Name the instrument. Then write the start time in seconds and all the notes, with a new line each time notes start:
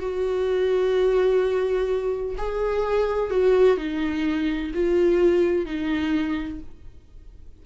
viola
0.00 F#4
2.38 G#4
3.31 F#4
3.78 D#4
4.74 F4
5.66 D#4